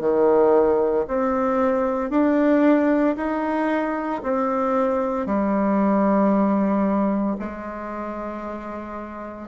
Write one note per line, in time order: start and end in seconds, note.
0.00 1.05 D#3
1.07 2.10 C4
2.10 3.15 D4
3.16 4.22 D#4
4.22 5.26 C4
5.26 7.36 G3
7.39 9.47 G#3